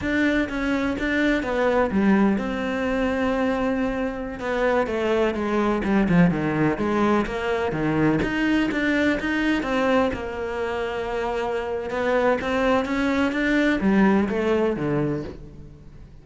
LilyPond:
\new Staff \with { instrumentName = "cello" } { \time 4/4 \tempo 4 = 126 d'4 cis'4 d'4 b4 | g4 c'2.~ | c'4~ c'16 b4 a4 gis8.~ | gis16 g8 f8 dis4 gis4 ais8.~ |
ais16 dis4 dis'4 d'4 dis'8.~ | dis'16 c'4 ais2~ ais8.~ | ais4 b4 c'4 cis'4 | d'4 g4 a4 d4 | }